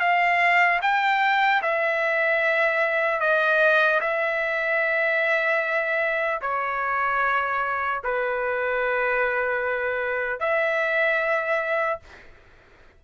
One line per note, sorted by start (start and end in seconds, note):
0.00 0.80 F5
0.82 1.62 G5
1.62 3.20 E5
3.20 4.00 D#5
4.01 6.41 E5
6.41 8.01 C#5
8.04 10.40 B4
10.40 12.00 E5